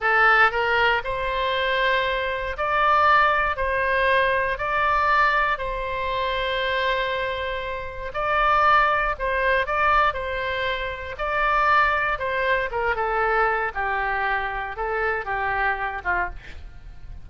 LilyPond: \new Staff \with { instrumentName = "oboe" } { \time 4/4 \tempo 4 = 118 a'4 ais'4 c''2~ | c''4 d''2 c''4~ | c''4 d''2 c''4~ | c''1 |
d''2 c''4 d''4 | c''2 d''2 | c''4 ais'8 a'4. g'4~ | g'4 a'4 g'4. f'8 | }